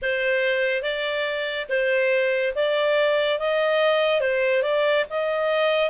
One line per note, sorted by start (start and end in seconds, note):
0.02 0.82 C5
0.82 1.66 D5
1.69 2.54 C5
2.55 3.39 D5
3.39 4.21 D#5
4.21 4.62 C5
4.62 5.04 D5
5.09 5.89 D#5